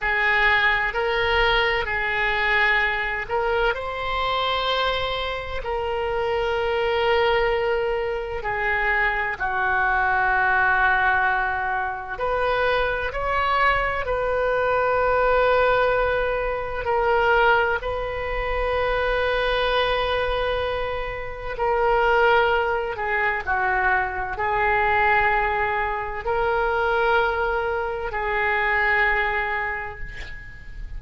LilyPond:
\new Staff \with { instrumentName = "oboe" } { \time 4/4 \tempo 4 = 64 gis'4 ais'4 gis'4. ais'8 | c''2 ais'2~ | ais'4 gis'4 fis'2~ | fis'4 b'4 cis''4 b'4~ |
b'2 ais'4 b'4~ | b'2. ais'4~ | ais'8 gis'8 fis'4 gis'2 | ais'2 gis'2 | }